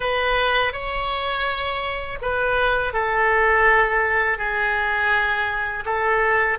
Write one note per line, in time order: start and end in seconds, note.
0.00 0.72 B4
0.72 2.19 C#5
2.22 2.93 B4
2.93 4.37 A4
4.37 5.84 G#4
5.85 6.58 A4